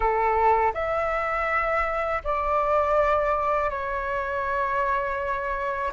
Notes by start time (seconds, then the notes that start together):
0.00 A4
0.74 E5
2.24 D5
3.69 C#5